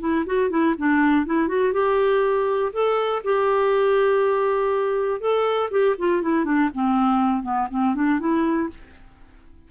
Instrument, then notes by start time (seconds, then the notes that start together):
clarinet
0.00 E4
0.26 F#4
0.50 E4
0.78 D4
1.26 E4
1.48 F#4
1.73 G4
2.73 A4
3.24 G4
5.20 A4
5.71 G4
5.98 F4
6.22 E4
6.45 D4
6.74 C4
7.43 B3
7.70 C4
7.95 D4
8.20 E4